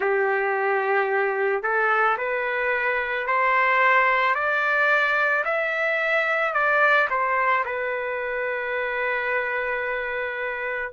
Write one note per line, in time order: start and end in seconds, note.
0.00 1.62 G4
1.62 2.17 A4
2.17 3.26 B4
3.26 4.34 C5
4.34 5.43 D5
5.44 6.53 E5
6.53 7.08 D5
7.10 7.64 C5
7.65 10.92 B4